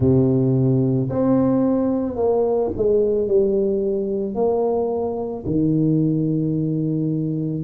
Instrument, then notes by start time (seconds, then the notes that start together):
tuba
0.00 C3
1.09 C4
2.16 A#3
2.77 G#3
3.27 G3
4.34 A#3
5.45 D#3